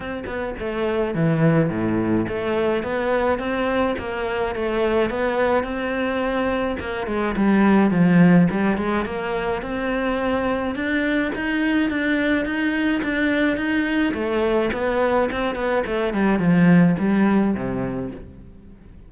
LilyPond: \new Staff \with { instrumentName = "cello" } { \time 4/4 \tempo 4 = 106 c'8 b8 a4 e4 a,4 | a4 b4 c'4 ais4 | a4 b4 c'2 | ais8 gis8 g4 f4 g8 gis8 |
ais4 c'2 d'4 | dis'4 d'4 dis'4 d'4 | dis'4 a4 b4 c'8 b8 | a8 g8 f4 g4 c4 | }